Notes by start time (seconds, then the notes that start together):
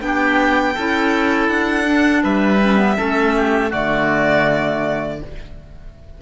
0.00 B3 D4 G4 G5
0.74 C#4 E4 A4
1.49 D4 F#5
1.85 D4
2.23 G3 B4 E5
2.62 C#4
2.77 B3
2.97 A3 C#4 A4
3.36 G4
3.70 D3 A3 F#4 D5